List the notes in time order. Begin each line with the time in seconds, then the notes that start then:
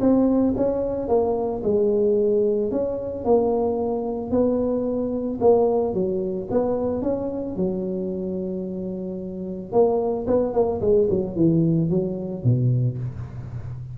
0.00 C4
0.56 C#4
1.08 A#3
1.63 G#3
2.71 C#4
3.24 A#3
4.30 B3
5.40 A#3
5.94 F#3
6.50 B3
7.02 C#4
7.56 F#3
9.72 A#3
10.27 B3
10.53 A#3
10.81 G#3
11.09 F#3
11.35 E3
11.89 F#3
12.43 B2